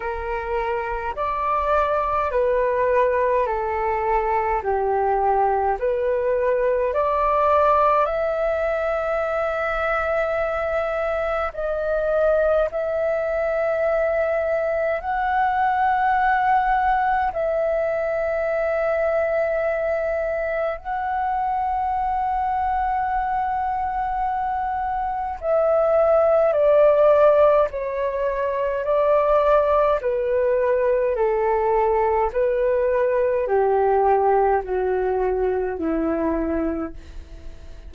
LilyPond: \new Staff \with { instrumentName = "flute" } { \time 4/4 \tempo 4 = 52 ais'4 d''4 b'4 a'4 | g'4 b'4 d''4 e''4~ | e''2 dis''4 e''4~ | e''4 fis''2 e''4~ |
e''2 fis''2~ | fis''2 e''4 d''4 | cis''4 d''4 b'4 a'4 | b'4 g'4 fis'4 e'4 | }